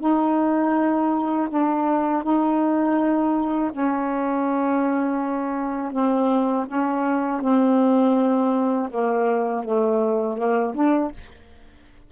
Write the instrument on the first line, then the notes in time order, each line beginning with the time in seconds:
saxophone
0.00 D#4
1.49 D4
2.23 D#4
3.72 C#4
5.92 C4
6.67 C#4
7.41 C4
8.91 A#3
9.64 A3
10.37 A#3
10.74 D4